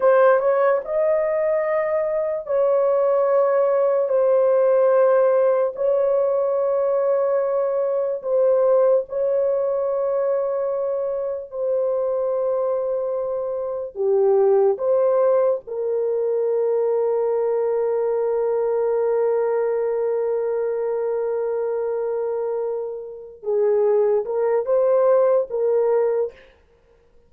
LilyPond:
\new Staff \with { instrumentName = "horn" } { \time 4/4 \tempo 4 = 73 c''8 cis''8 dis''2 cis''4~ | cis''4 c''2 cis''4~ | cis''2 c''4 cis''4~ | cis''2 c''2~ |
c''4 g'4 c''4 ais'4~ | ais'1~ | ais'1~ | ais'8 gis'4 ais'8 c''4 ais'4 | }